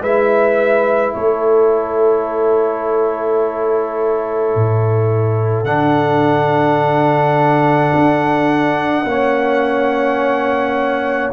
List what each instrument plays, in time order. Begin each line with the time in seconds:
0.00 tuba G#3, trombone E4, horn B4, trumpet E5
1.13 tuba A3, horn A4, trumpet C#5
4.55 tuba A2
5.64 tuba D3, trombone D4, trumpet F#5
7.94 tuba D4
9.04 tuba A#3, trombone C#4, horn C#5